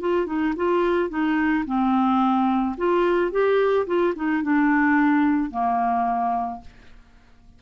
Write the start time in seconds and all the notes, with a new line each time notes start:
0.00 F4
0.26 D#4
0.56 F4
1.09 D#4
1.66 C4
2.77 F4
3.31 G4
3.86 F4
4.15 D#4
4.42 D4
5.51 A#3